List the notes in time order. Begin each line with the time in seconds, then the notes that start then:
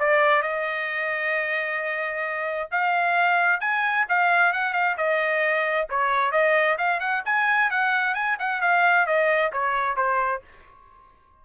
0.00 D5
0.43 D#5
2.72 F5
3.61 G#5
4.09 F5
4.54 F#5
4.74 F5
4.98 D#5
5.90 C#5
6.32 D#5
6.78 F5
7.00 F#5
7.26 G#5
7.71 F#5
8.15 G#5
8.40 F#5
8.62 F5
9.07 D#5
9.53 C#5
9.97 C5